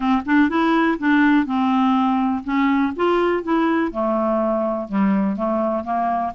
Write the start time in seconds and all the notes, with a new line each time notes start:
0.00 C4
0.25 D4
0.49 E4
0.99 D4
1.45 C4
2.44 C#4
2.95 F4
3.43 E4
3.91 A3
4.88 G3
5.36 A3
5.84 A#3